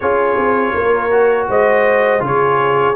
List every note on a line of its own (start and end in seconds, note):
0.00 0.36 C#4
0.00 1.10 F4
0.00 0.75 G#4
0.00 1.48 C#5
0.36 0.73 C4
0.74 1.48 A#3
0.74 1.48 A#4
1.10 2.19 F#4
1.48 2.20 G#3
1.48 2.22 C5
1.48 2.25 D#5
2.19 2.94 C#3
2.19 2.93 F4
2.19 2.95 G#4
2.25 2.95 C#5